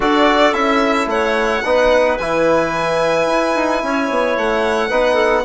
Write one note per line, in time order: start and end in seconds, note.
0.00 0.52 D4
0.00 0.53 F#4
0.00 1.08 A4
0.00 0.53 D5
0.52 1.06 C#4
0.52 1.62 E4
0.52 1.08 E5
1.06 1.61 A3
1.06 1.65 C#5
1.06 2.17 F#5
1.64 2.19 B3
1.64 2.19 D#4
1.64 3.84 B4
2.17 3.27 E3
2.17 4.90 E4
2.17 4.35 G#5
3.27 3.54 E4
3.55 3.82 D#4
3.82 4.10 C#4
3.82 4.89 C#5
4.10 4.36 B3
4.36 4.90 A3
4.36 5.45 F#5
4.89 5.44 B3
4.89 5.44 D#4
4.89 5.14 B4
5.14 5.41 A4